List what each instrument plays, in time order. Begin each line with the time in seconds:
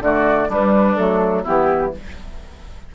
0.00 bassoon D3, clarinet A3, oboe F#4, flute D5
0.48 clarinet G3, bassoon G3, oboe D4, flute B4
0.96 bassoon F#3, clarinet A3, flute A4
1.43 bassoon E3, clarinet B3, oboe E4, flute G4